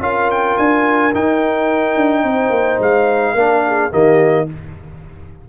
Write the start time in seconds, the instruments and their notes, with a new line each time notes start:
0.00 tuba C#4, trombone F4, horn A#4, trumpet F5
0.31 trumpet G5
0.58 tuba D4, trumpet G#5
1.14 trombone D#4, tuba D#4, trumpet G5
1.97 tuba D4
2.24 tuba C4, horn C5
2.50 tuba A#3
2.80 tuba G#3, trumpet F5
3.34 tuba A#3, trombone D4, horn A#4
3.67 horn G#4
3.91 tuba D#3, trombone A#3, horn G4, trumpet D#5